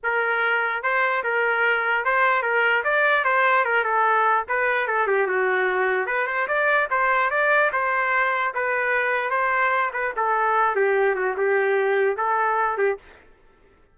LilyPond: \new Staff \with { instrumentName = "trumpet" } { \time 4/4 \tempo 4 = 148 ais'2 c''4 ais'4~ | ais'4 c''4 ais'4 d''4 | c''4 ais'8 a'4. b'4 | a'8 g'8 fis'2 b'8 c''8 |
d''4 c''4 d''4 c''4~ | c''4 b'2 c''4~ | c''8 b'8 a'4. g'4 fis'8 | g'2 a'4. g'8 | }